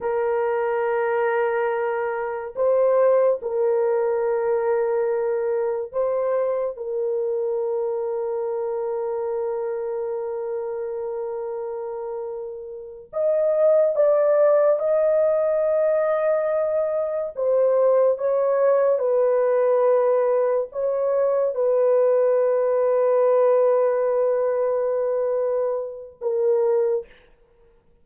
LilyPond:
\new Staff \with { instrumentName = "horn" } { \time 4/4 \tempo 4 = 71 ais'2. c''4 | ais'2. c''4 | ais'1~ | ais'2.~ ais'8 dis''8~ |
dis''8 d''4 dis''2~ dis''8~ | dis''8 c''4 cis''4 b'4.~ | b'8 cis''4 b'2~ b'8~ | b'2. ais'4 | }